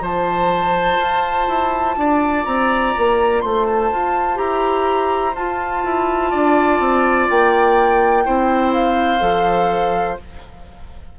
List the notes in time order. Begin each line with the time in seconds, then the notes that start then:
0.00 F3 F4 C5 A5
0.98 F4
1.47 E4
1.97 D4 D5
2.45 C4 A#5
2.97 A#3
3.40 A3 C5 C6
3.66 A5
3.91 F4
4.35 E4 G4 A#5
5.35 F4 A5
5.83 E4
6.30 D4 D5
6.79 C4
7.30 A#3 G5
8.24 C4 E4 C5
8.72 F5
9.19 F3 A4